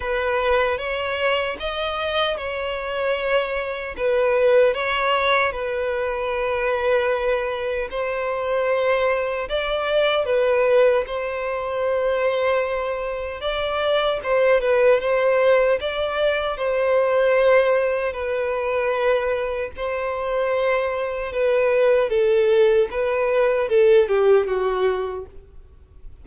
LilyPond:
\new Staff \with { instrumentName = "violin" } { \time 4/4 \tempo 4 = 76 b'4 cis''4 dis''4 cis''4~ | cis''4 b'4 cis''4 b'4~ | b'2 c''2 | d''4 b'4 c''2~ |
c''4 d''4 c''8 b'8 c''4 | d''4 c''2 b'4~ | b'4 c''2 b'4 | a'4 b'4 a'8 g'8 fis'4 | }